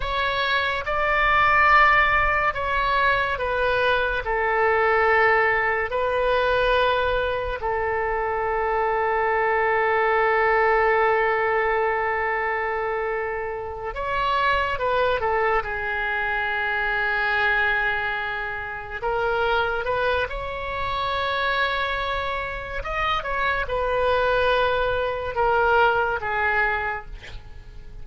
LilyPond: \new Staff \with { instrumentName = "oboe" } { \time 4/4 \tempo 4 = 71 cis''4 d''2 cis''4 | b'4 a'2 b'4~ | b'4 a'2.~ | a'1~ |
a'8 cis''4 b'8 a'8 gis'4.~ | gis'2~ gis'8 ais'4 b'8 | cis''2. dis''8 cis''8 | b'2 ais'4 gis'4 | }